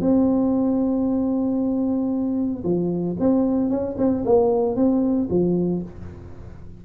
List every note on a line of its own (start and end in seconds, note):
0.00 2.63 C4
2.64 3.16 F3
3.19 3.70 C4
3.70 3.96 C#4
3.98 4.24 C4
4.25 4.76 A#3
4.76 5.28 C4
5.30 5.82 F3